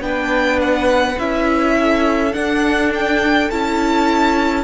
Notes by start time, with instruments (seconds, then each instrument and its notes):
0.00 cello B3, viola D4, violin B4 G5
0.61 violin F#5
1.18 cello C#4, viola E4, violin E5
1.78 violin A4
2.32 viola D4, cello D4, violin F#5
2.94 violin G5
3.50 cello C#4, viola E4, violin A5